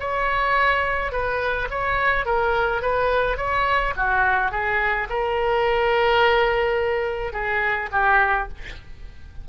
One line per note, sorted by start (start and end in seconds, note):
0.00 1.12 C#5
1.12 1.68 B4
1.70 2.25 C#5
2.25 2.82 A#4
2.82 3.37 B4
3.37 3.94 C#5
3.96 4.51 F#4
4.51 5.08 G#4
5.09 7.33 A#4
7.33 7.89 G#4
7.91 8.48 G4